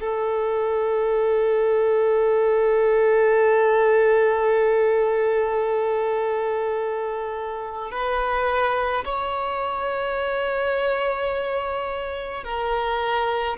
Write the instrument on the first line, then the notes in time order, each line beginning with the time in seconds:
violin
0.00 A4
7.91 B4
9.05 C#5
12.44 A#4